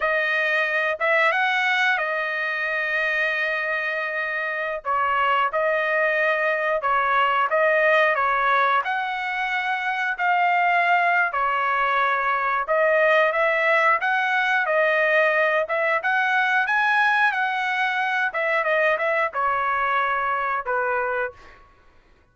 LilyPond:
\new Staff \with { instrumentName = "trumpet" } { \time 4/4 \tempo 4 = 90 dis''4. e''8 fis''4 dis''4~ | dis''2.~ dis''16 cis''8.~ | cis''16 dis''2 cis''4 dis''8.~ | dis''16 cis''4 fis''2 f''8.~ |
f''4 cis''2 dis''4 | e''4 fis''4 dis''4. e''8 | fis''4 gis''4 fis''4. e''8 | dis''8 e''8 cis''2 b'4 | }